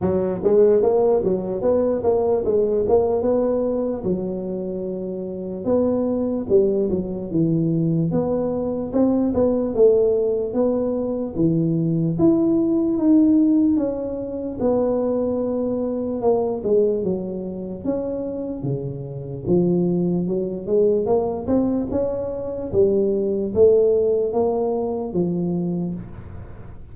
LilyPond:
\new Staff \with { instrumentName = "tuba" } { \time 4/4 \tempo 4 = 74 fis8 gis8 ais8 fis8 b8 ais8 gis8 ais8 | b4 fis2 b4 | g8 fis8 e4 b4 c'8 b8 | a4 b4 e4 e'4 |
dis'4 cis'4 b2 | ais8 gis8 fis4 cis'4 cis4 | f4 fis8 gis8 ais8 c'8 cis'4 | g4 a4 ais4 f4 | }